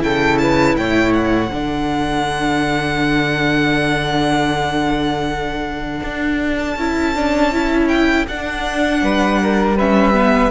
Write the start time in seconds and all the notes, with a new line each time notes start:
0.00 C#3 E4 A4 G5
0.38 B4 A5
0.76 A2 C#5 G5
1.13 F#5
1.50 D3 D4 A4
6.03 D4
6.58 A5
6.76 C#4 E4
7.15 D4
7.53 E4
7.88 G5
8.28 D4 F#5
9.02 G3 B4
9.42 A#4
9.76 C#4 B4 E5
10.14 B3